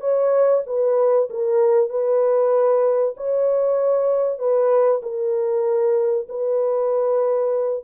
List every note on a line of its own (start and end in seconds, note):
0.00 0.62 C#5
0.66 1.29 B4
1.30 1.89 A#4
1.89 3.14 B4
3.17 4.38 C#5
4.38 5.01 B4
5.02 6.27 A#4
6.28 7.84 B4